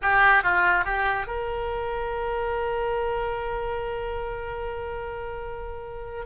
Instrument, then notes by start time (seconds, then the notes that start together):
oboe
0.02 G4
0.43 F4
0.84 G4
1.26 A#4